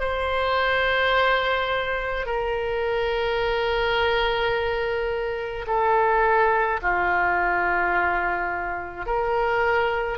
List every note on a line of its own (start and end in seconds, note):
0.00 2.26 C5
2.26 5.66 A#4
5.67 6.80 A4
6.82 9.06 F4
9.06 10.18 A#4